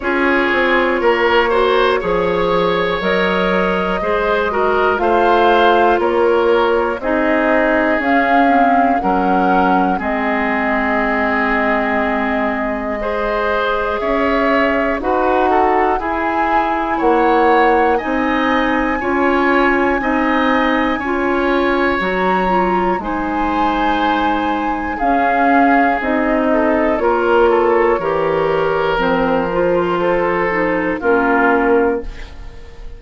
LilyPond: <<
  \new Staff \with { instrumentName = "flute" } { \time 4/4 \tempo 4 = 60 cis''2. dis''4~ | dis''4 f''4 cis''4 dis''4 | f''4 fis''4 dis''2~ | dis''2 e''4 fis''4 |
gis''4 fis''4 gis''2~ | gis''2 ais''4 gis''4~ | gis''4 f''4 dis''4 cis''4~ | cis''4 c''2 ais'4 | }
  \new Staff \with { instrumentName = "oboe" } { \time 4/4 gis'4 ais'8 c''8 cis''2 | c''8 ais'8 c''4 ais'4 gis'4~ | gis'4 ais'4 gis'2~ | gis'4 c''4 cis''4 b'8 a'8 |
gis'4 cis''4 dis''4 cis''4 | dis''4 cis''2 c''4~ | c''4 gis'4. a'8 ais'8 a'8 | ais'2 a'4 f'4 | }
  \new Staff \with { instrumentName = "clarinet" } { \time 4/4 f'4. fis'8 gis'4 ais'4 | gis'8 fis'8 f'2 dis'4 | cis'8 c'8 cis'4 c'2~ | c'4 gis'2 fis'4 |
e'2 dis'4 f'4 | dis'4 f'4 fis'8 f'8 dis'4~ | dis'4 cis'4 dis'4 f'4 | g'4 c'8 f'4 dis'8 cis'4 | }
  \new Staff \with { instrumentName = "bassoon" } { \time 4/4 cis'8 c'8 ais4 f4 fis4 | gis4 a4 ais4 c'4 | cis'4 fis4 gis2~ | gis2 cis'4 dis'4 |
e'4 ais4 c'4 cis'4 | c'4 cis'4 fis4 gis4~ | gis4 cis'4 c'4 ais4 | e4 f2 ais4 | }
>>